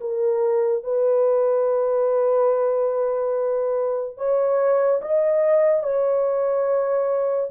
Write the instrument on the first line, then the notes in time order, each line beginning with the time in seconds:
horn
0.00 A#4
0.83 B4
4.17 C#5
5.02 D#5
5.83 C#5